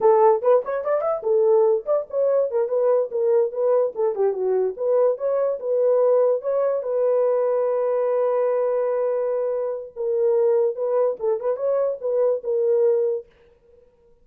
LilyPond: \new Staff \with { instrumentName = "horn" } { \time 4/4 \tempo 4 = 145 a'4 b'8 cis''8 d''8 e''8 a'4~ | a'8 d''8 cis''4 ais'8 b'4 ais'8~ | ais'8 b'4 a'8 g'8 fis'4 b'8~ | b'8 cis''4 b'2 cis''8~ |
cis''8 b'2.~ b'8~ | b'1 | ais'2 b'4 a'8 b'8 | cis''4 b'4 ais'2 | }